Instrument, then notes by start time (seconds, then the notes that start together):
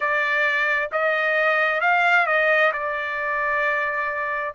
trumpet
0.00 D5
0.92 D#5
1.81 F5
2.26 D#5
2.73 D5